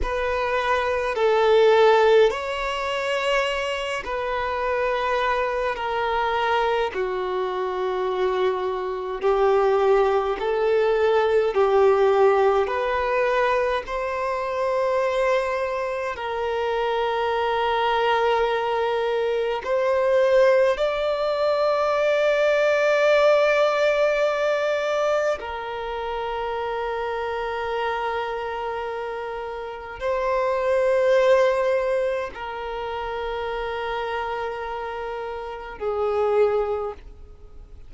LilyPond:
\new Staff \with { instrumentName = "violin" } { \time 4/4 \tempo 4 = 52 b'4 a'4 cis''4. b'8~ | b'4 ais'4 fis'2 | g'4 a'4 g'4 b'4 | c''2 ais'2~ |
ais'4 c''4 d''2~ | d''2 ais'2~ | ais'2 c''2 | ais'2. gis'4 | }